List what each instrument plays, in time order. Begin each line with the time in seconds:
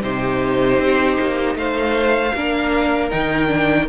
0.00 cello C3, viola D#4, violin G4 C5
0.79 cello C4
1.20 cello A#3
1.55 cello A3, violin C5 F5
2.34 cello A#3, viola D4, violin A#4
3.10 cello D#3, viola D#4, violin G5
3.47 viola D4